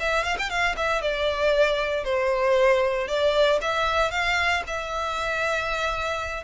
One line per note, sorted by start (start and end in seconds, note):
0.00 0.24 E5
0.24 0.37 F5
0.39 0.50 G5
0.50 0.76 F5
0.77 1.02 E5
1.02 2.04 D5
2.04 3.08 C5
3.08 3.59 D5
3.62 4.11 E5
4.11 4.63 F5
4.67 6.44 E5